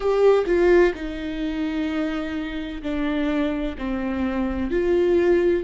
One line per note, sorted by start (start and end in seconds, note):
0.00 0.45 G4
0.46 0.93 F4
0.94 2.81 D#4
2.82 3.76 D4
3.78 4.70 C4
4.70 5.63 F4